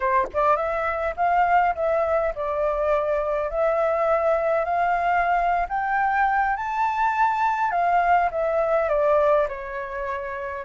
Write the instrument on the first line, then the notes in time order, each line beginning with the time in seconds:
flute
0.00 C5
0.33 D5
0.56 E5
1.16 F5
1.75 E5
2.35 D5
3.50 E5
4.64 F5
5.68 G5
6.56 A5
7.71 F5
8.31 E5
8.88 D5
9.48 C#5